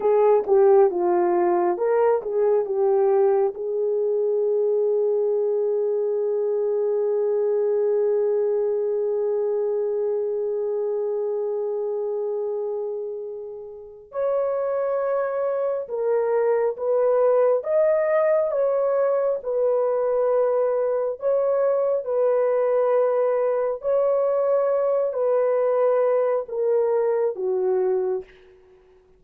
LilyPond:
\new Staff \with { instrumentName = "horn" } { \time 4/4 \tempo 4 = 68 gis'8 g'8 f'4 ais'8 gis'8 g'4 | gis'1~ | gis'1~ | gis'1 |
cis''2 ais'4 b'4 | dis''4 cis''4 b'2 | cis''4 b'2 cis''4~ | cis''8 b'4. ais'4 fis'4 | }